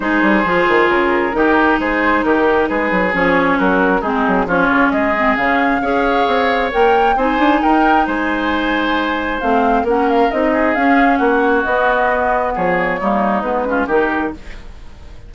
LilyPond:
<<
  \new Staff \with { instrumentName = "flute" } { \time 4/4 \tempo 4 = 134 c''2 ais'2 | c''4 ais'4 b'4 cis''4 | ais'4 gis'4 cis''4 dis''4 | f''2. g''4 |
gis''4 g''4 gis''2~ | gis''4 f''4 fis''8 f''8 dis''4 | f''4 fis''4 dis''2 | cis''2 b'4 ais'4 | }
  \new Staff \with { instrumentName = "oboe" } { \time 4/4 gis'2. g'4 | gis'4 g'4 gis'2 | fis'4 dis'4 f'4 gis'4~ | gis'4 cis''2. |
c''4 ais'4 c''2~ | c''2 ais'4. gis'8~ | gis'4 fis'2. | gis'4 dis'4. f'8 g'4 | }
  \new Staff \with { instrumentName = "clarinet" } { \time 4/4 dis'4 f'2 dis'4~ | dis'2. cis'4~ | cis'4 c'4 cis'4. c'8 | cis'4 gis'2 ais'4 |
dis'1~ | dis'4 c'4 cis'4 dis'4 | cis'2 b2~ | b4 ais4 b8 cis'8 dis'4 | }
  \new Staff \with { instrumentName = "bassoon" } { \time 4/4 gis8 g8 f8 dis8 cis4 dis4 | gis4 dis4 gis8 fis8 f4 | fis4 gis8 fis8 f8 cis8 gis4 | cis4 cis'4 c'4 ais4 |
c'8 d'8 dis'4 gis2~ | gis4 a4 ais4 c'4 | cis'4 ais4 b2 | f4 g4 gis4 dis4 | }
>>